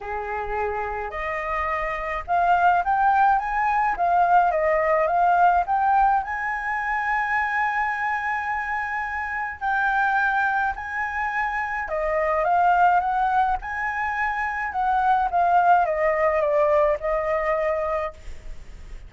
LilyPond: \new Staff \with { instrumentName = "flute" } { \time 4/4 \tempo 4 = 106 gis'2 dis''2 | f''4 g''4 gis''4 f''4 | dis''4 f''4 g''4 gis''4~ | gis''1~ |
gis''4 g''2 gis''4~ | gis''4 dis''4 f''4 fis''4 | gis''2 fis''4 f''4 | dis''4 d''4 dis''2 | }